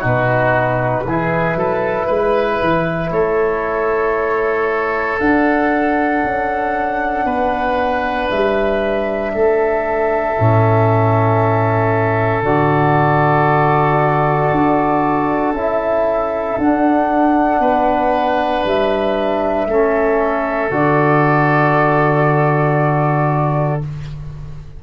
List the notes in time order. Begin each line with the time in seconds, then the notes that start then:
0.00 B2 D#4 F#4 B4
1.05 E3 E4 G#4
1.55 F#3 A4
2.07 G#3 B4
2.62 E3
3.11 A3 A4 C#5
5.19 D4 F#5
6.24 C#4
7.25 B3 B4
8.30 G3 E5
9.34 A3 A4
10.39 A2 C#4
12.43 D3 F#4 D5
14.52 D4
15.52 C#4 E4 E5
16.58 D4 F#5
17.59 B3 B4
18.65 G3 E5
19.66 A3 C#4 A4
20.71 D3 F#4 D5